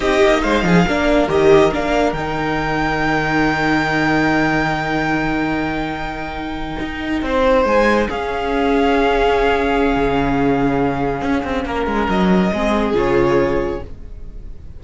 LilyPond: <<
  \new Staff \with { instrumentName = "violin" } { \time 4/4 \tempo 4 = 139 dis''4 f''2 dis''4 | f''4 g''2.~ | g''1~ | g''1~ |
g''4.~ g''16 gis''4 f''4~ f''16~ | f''1~ | f''1 | dis''2 cis''2 | }
  \new Staff \with { instrumentName = "violin" } { \time 4/4 g'4 c''8 gis'8 ais'2~ | ais'1~ | ais'1~ | ais'1~ |
ais'8. c''2 gis'4~ gis'16~ | gis'1~ | gis'2. ais'4~ | ais'4 gis'2. | }
  \new Staff \with { instrumentName = "viola" } { \time 4/4 dis'2 d'4 g'4 | d'4 dis'2.~ | dis'1~ | dis'1~ |
dis'2~ dis'8. cis'4~ cis'16~ | cis'1~ | cis'1~ | cis'4 c'4 f'2 | }
  \new Staff \with { instrumentName = "cello" } { \time 4/4 c'8 ais8 gis8 f8 ais4 dis4 | ais4 dis2.~ | dis1~ | dis2.~ dis8. dis'16~ |
dis'8. c'4 gis4 cis'4~ cis'16~ | cis'2. cis4~ | cis2 cis'8 c'8 ais8 gis8 | fis4 gis4 cis2 | }
>>